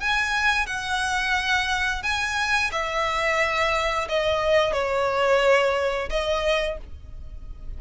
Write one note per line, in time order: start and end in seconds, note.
0.00 0.67 G#5
0.67 2.03 F#5
2.03 2.71 G#5
2.72 4.08 E5
4.09 4.73 D#5
4.73 6.09 C#5
6.10 6.78 D#5